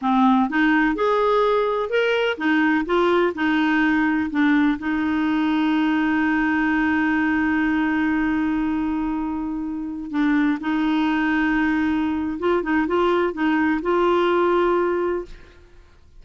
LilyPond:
\new Staff \with { instrumentName = "clarinet" } { \time 4/4 \tempo 4 = 126 c'4 dis'4 gis'2 | ais'4 dis'4 f'4 dis'4~ | dis'4 d'4 dis'2~ | dis'1~ |
dis'1~ | dis'4~ dis'16 d'4 dis'4.~ dis'16~ | dis'2 f'8 dis'8 f'4 | dis'4 f'2. | }